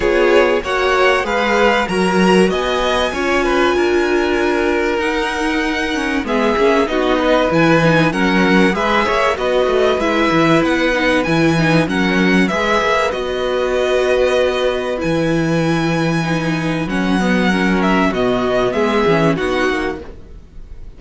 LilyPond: <<
  \new Staff \with { instrumentName = "violin" } { \time 4/4 \tempo 4 = 96 cis''4 fis''4 f''4 ais''4 | gis''1 | fis''2 e''4 dis''4 | gis''4 fis''4 e''4 dis''4 |
e''4 fis''4 gis''4 fis''4 | e''4 dis''2. | gis''2. fis''4~ | fis''8 e''8 dis''4 e''4 fis''4 | }
  \new Staff \with { instrumentName = "violin" } { \time 4/4 gis'4 cis''4 b'4 ais'4 | dis''4 cis''8 b'8 ais'2~ | ais'2 gis'4 fis'8 b'8~ | b'4 ais'4 b'8 cis''8 b'4~ |
b'2. ais'4 | b'1~ | b'1 | ais'4 fis'4 gis'4 fis'4 | }
  \new Staff \with { instrumentName = "viola" } { \time 4/4 f'4 fis'4 gis'4 fis'4~ | fis'4 f'2. | dis'4. cis'8 b8 cis'8 dis'4 | e'8 dis'8 cis'4 gis'4 fis'4 |
e'4. dis'8 e'8 dis'8 cis'4 | gis'4 fis'2. | e'2 dis'4 cis'8 b8 | cis'4 b4. cis'8 dis'4 | }
  \new Staff \with { instrumentName = "cello" } { \time 4/4 b4 ais4 gis4 fis4 | b4 cis'4 d'2 | dis'2 gis8 ais8 b4 | e4 fis4 gis8 ais8 b8 a8 |
gis8 e8 b4 e4 fis4 | gis8 ais8 b2. | e2. fis4~ | fis4 b,4 gis8 e8 b8 ais8 | }
>>